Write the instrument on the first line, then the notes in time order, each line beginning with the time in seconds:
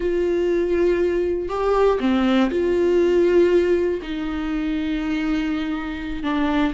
viola
0.00 F4
1.48 G4
2.00 C4
2.50 F4
4.01 D#4
6.22 D4